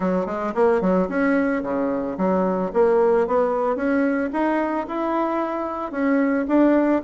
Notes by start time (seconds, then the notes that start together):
0.00 F#3
0.26 G#3
0.54 A#3
0.81 F#3
1.08 C#4
1.63 C#3
2.17 F#3
2.73 A#3
3.27 B3
3.76 C#4
4.32 D#4
4.87 E4
5.91 C#4
6.48 D4